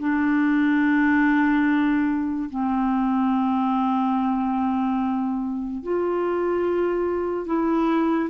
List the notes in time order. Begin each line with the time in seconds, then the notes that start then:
0.00 D4
2.50 C4
5.83 F4
7.47 E4